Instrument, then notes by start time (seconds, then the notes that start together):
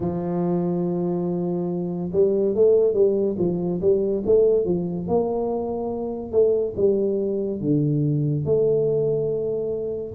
tuba
0.00 F3
2.12 G3
2.54 A3
2.93 G3
3.38 F3
3.81 G3
4.26 A3
4.65 F3
5.07 A#3
6.31 A3
6.76 G3
7.61 D3
8.45 A3